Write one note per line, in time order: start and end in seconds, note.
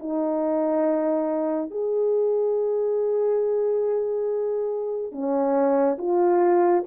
0.00 1.71 D#4
1.71 5.12 G#4
5.12 5.98 C#4
5.98 6.84 F4